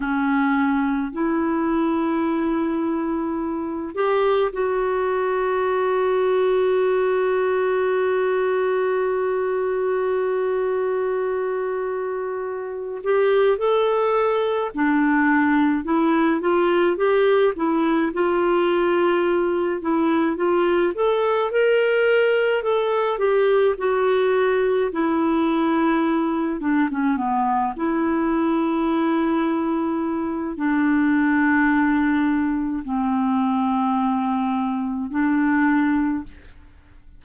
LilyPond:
\new Staff \with { instrumentName = "clarinet" } { \time 4/4 \tempo 4 = 53 cis'4 e'2~ e'8 g'8 | fis'1~ | fis'2.~ fis'8 g'8 | a'4 d'4 e'8 f'8 g'8 e'8 |
f'4. e'8 f'8 a'8 ais'4 | a'8 g'8 fis'4 e'4. d'16 cis'16 | b8 e'2~ e'8 d'4~ | d'4 c'2 d'4 | }